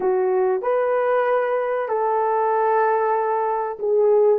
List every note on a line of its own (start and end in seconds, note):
0.00 0.61 F#4
0.61 1.88 B4
1.88 3.78 A4
3.79 4.39 G#4